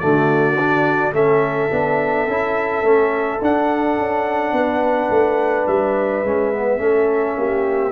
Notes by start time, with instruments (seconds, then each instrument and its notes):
0.00 tuba D3, trombone A3, horn F#4, trumpet D5
0.59 trombone D4
1.13 tuba A3, trombone C#4, horn A4, trumpet E5
1.71 tuba B3, trombone D4
2.28 tuba C#4, trombone E4
2.83 tuba A3, trombone C#4
3.42 tuba D4, trombone D4, trumpet F#5
3.98 tuba C#4
4.53 tuba B3, horn B4
5.10 tuba A3
5.67 tuba G3, trumpet E5
6.24 tuba G#3, trombone C#4
6.53 trombone B3
6.78 tuba A3, trombone C#4, horn A4
7.37 tuba A#3, horn G4